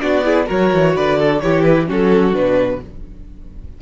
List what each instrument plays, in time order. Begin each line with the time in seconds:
0.00 cello B3, viola D4, violin F#4 D5
0.24 viola E4, violin G#4
0.46 cello F#3, viola F#4, violin A#4 C#5
0.74 cello E3
0.96 cello D3, violin B4 D5
1.19 violin A4
1.40 cello E3, viola E4, violin G4 C#5
1.63 violin B4
1.87 cello F#3, viola C#4, violin F#4 A4
2.33 cello B2, viola D4, violin B4